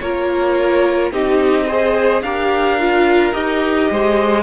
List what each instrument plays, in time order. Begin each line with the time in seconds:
0.00 cello A#3, viola F4, violin A#4 C#5
1.11 cello C4, viola D#4, violin G4 D#5
1.66 viola G#4, violin C5
2.22 cello D4, viola G4, violin A#4 F5
2.79 viola F4
3.33 cello D#4, viola G4, violin D#5
3.90 cello G#3, violin C5